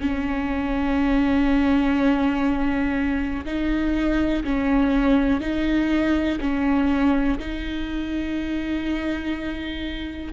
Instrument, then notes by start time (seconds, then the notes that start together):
viola
0.00 C#4
3.45 D#4
4.44 C#4
5.40 D#4
6.40 C#4
7.39 D#4